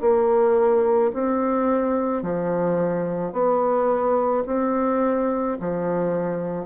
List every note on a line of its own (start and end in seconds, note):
0.00 1.11 A#3
1.13 2.22 C4
2.22 3.32 F3
3.32 4.43 B3
4.46 5.57 C4
5.60 6.65 F3